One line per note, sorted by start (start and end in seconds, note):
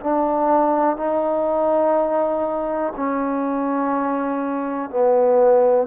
0.00 0.96 D4
0.96 2.93 D#4
2.96 4.90 C#4
4.90 5.87 B3